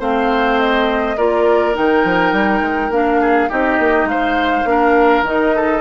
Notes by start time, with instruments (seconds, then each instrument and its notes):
0.00 bassoon A3, clarinet C4, oboe C5, flute F5
0.60 flute D#5
1.17 bassoon A#3, clarinet F4, oboe A#4, flute D5
1.74 bassoon D#3, clarinet D#4, flute G5
2.04 bassoon F3
2.33 bassoon G3
2.61 bassoon G#3
2.90 bassoon A#3, clarinet D4, flute F5
3.21 oboe G#4
3.50 bassoon C4, clarinet D#4, oboe G4, flute D#5
3.79 bassoon A#3
4.05 bassoon G#3, oboe C5, flute F5
4.65 bassoon A#3, clarinet D4, oboe A#4
5.22 bassoon D#3, clarinet D#4, flute D#5
5.56 oboe A4